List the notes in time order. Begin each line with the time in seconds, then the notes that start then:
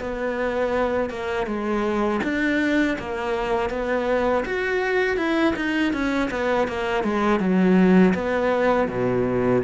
0.00 B3
1.10 A#3
1.47 G#3
2.24 D4
2.99 A#3
3.70 B3
4.46 F#4
5.17 E4
5.56 D#4
5.93 C#4
6.31 B3
6.68 A#3
7.04 G#3
7.40 F#3
8.14 B3
8.89 B2